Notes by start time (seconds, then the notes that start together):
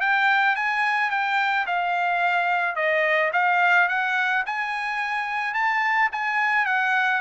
0.00 G5
0.55 G#5
1.10 G5
1.66 F5
2.76 D#5
3.32 F5
3.88 F#5
4.45 G#5
5.54 A5
6.12 G#5
6.65 F#5